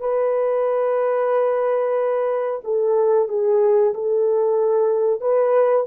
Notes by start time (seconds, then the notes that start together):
0.00 B4
2.64 A4
3.28 G#4
3.94 A4
5.21 B4